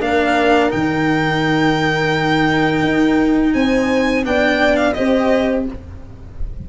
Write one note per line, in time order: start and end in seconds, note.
0.00 0.71 A#3
0.00 0.70 D4
0.00 3.54 A#4
0.00 0.71 F5
0.70 2.83 D#3
0.70 4.23 D#4
0.70 3.53 G5
2.83 3.53 D#4
3.53 4.25 C4
3.53 4.25 C5
3.53 4.24 G#5
4.24 4.96 B3
4.24 4.94 D4
4.24 4.96 D5
4.24 4.76 G5
4.76 4.93 F5
4.93 5.69 C4
4.93 5.65 G4
4.93 5.67 C5
4.93 5.64 D#5